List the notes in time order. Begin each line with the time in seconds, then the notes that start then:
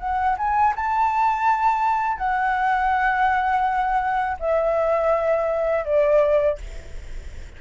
0.00 F#5
0.38 G#5
0.76 A5
2.18 F#5
4.40 E5
5.85 D5